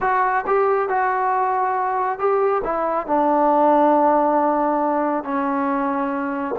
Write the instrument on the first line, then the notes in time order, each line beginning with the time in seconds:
trombone
0.01 F#4
0.46 G4
0.88 F#4
2.18 G4
2.63 E4
3.06 D4
5.23 C#4